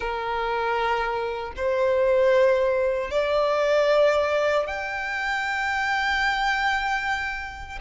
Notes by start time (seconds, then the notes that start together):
0.00 A#4
1.56 C5
3.11 D5
4.66 G5